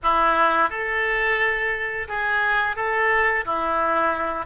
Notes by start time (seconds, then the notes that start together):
0.03 E4
0.69 A4
2.08 G#4
2.76 A4
3.45 E4